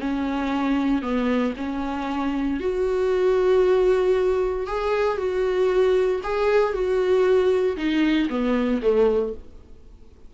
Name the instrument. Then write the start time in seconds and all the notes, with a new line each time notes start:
viola
0.00 C#4
1.02 B3
1.57 C#4
2.60 F#4
4.67 G#4
5.18 F#4
6.23 G#4
6.73 F#4
7.77 D#4
8.29 B3
8.82 A3